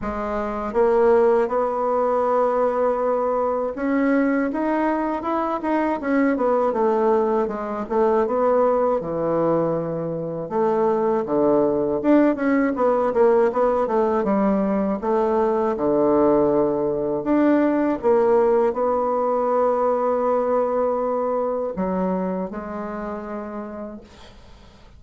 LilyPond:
\new Staff \with { instrumentName = "bassoon" } { \time 4/4 \tempo 4 = 80 gis4 ais4 b2~ | b4 cis'4 dis'4 e'8 dis'8 | cis'8 b8 a4 gis8 a8 b4 | e2 a4 d4 |
d'8 cis'8 b8 ais8 b8 a8 g4 | a4 d2 d'4 | ais4 b2.~ | b4 fis4 gis2 | }